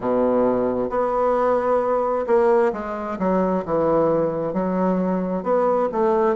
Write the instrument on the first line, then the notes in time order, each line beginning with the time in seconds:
bassoon
0.00 B2
0.89 B3
2.26 A#3
2.73 G#3
3.19 F#3
3.65 E3
4.52 F#3
5.43 B3
5.92 A3